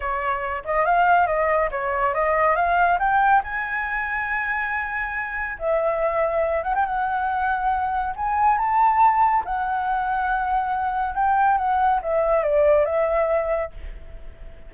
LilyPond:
\new Staff \with { instrumentName = "flute" } { \time 4/4 \tempo 4 = 140 cis''4. dis''8 f''4 dis''4 | cis''4 dis''4 f''4 g''4 | gis''1~ | gis''4 e''2~ e''8 fis''16 g''16 |
fis''2. gis''4 | a''2 fis''2~ | fis''2 g''4 fis''4 | e''4 d''4 e''2 | }